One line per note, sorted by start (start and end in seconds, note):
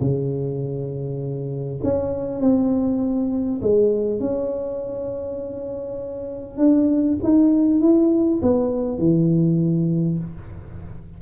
0.00 1.80 C#3
1.83 2.40 C#4
2.40 3.60 C4
3.62 4.20 G#3
4.20 6.57 C#4
6.57 7.17 D4
7.23 7.80 D#4
7.80 8.40 E4
8.41 8.98 B3
8.98 10.18 E3